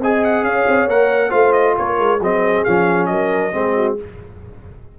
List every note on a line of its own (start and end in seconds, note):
0.00 0.44 C4
0.00 0.90 G#4
0.00 0.46 D#5
0.00 0.25 G#5
0.25 0.45 F#5
0.44 0.66 C#4
0.44 1.30 C#5
0.44 0.89 F5
0.68 0.87 C4
0.87 1.32 A#3
0.87 1.30 A#4
0.87 1.31 F#5
1.30 1.78 A3
1.30 2.19 F4
1.30 1.74 C5
1.30 1.53 F5
1.53 1.75 D#5
1.78 1.99 A#3
1.78 2.21 A#4
1.78 2.22 C#5
1.99 2.21 G#3
2.21 2.65 F#3
2.21 2.67 C4
2.21 3.10 G#4
2.21 2.65 D#5
2.65 3.09 F3
2.65 3.53 C#4
2.65 3.06 F5
3.06 3.54 F#3
3.06 3.55 A#4
3.06 3.95 D#5
3.53 3.99 G#3
3.53 3.97 C4
3.53 3.77 G#4
3.77 3.99 F#4